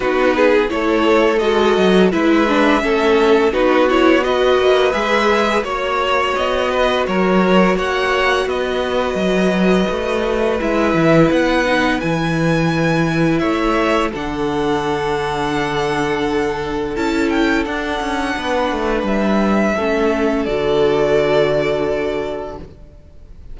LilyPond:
<<
  \new Staff \with { instrumentName = "violin" } { \time 4/4 \tempo 4 = 85 b'4 cis''4 dis''4 e''4~ | e''4 b'8 cis''8 dis''4 e''4 | cis''4 dis''4 cis''4 fis''4 | dis''2. e''4 |
fis''4 gis''2 e''4 | fis''1 | a''8 g''8 fis''2 e''4~ | e''4 d''2. | }
  \new Staff \with { instrumentName = "violin" } { \time 4/4 fis'8 gis'8 a'2 b'4 | a'4 fis'4 b'2 | cis''4. b'8 ais'4 cis''4 | b'1~ |
b'2. cis''4 | a'1~ | a'2 b'2 | a'1 | }
  \new Staff \with { instrumentName = "viola" } { \time 4/4 dis'4 e'4 fis'4 e'8 d'8 | cis'4 dis'8 e'8 fis'4 gis'4 | fis'1~ | fis'2. e'4~ |
e'8 dis'8 e'2. | d'1 | e'4 d'2. | cis'4 fis'2. | }
  \new Staff \with { instrumentName = "cello" } { \time 4/4 b4 a4 gis8 fis8 gis4 | a4 b4. ais8 gis4 | ais4 b4 fis4 ais4 | b4 fis4 a4 gis8 e8 |
b4 e2 a4 | d1 | cis'4 d'8 cis'8 b8 a8 g4 | a4 d2. | }
>>